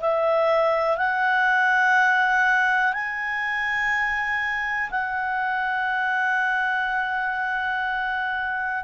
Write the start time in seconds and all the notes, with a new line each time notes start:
0.00 E5
0.97 F#5
2.93 G#5
4.90 F#5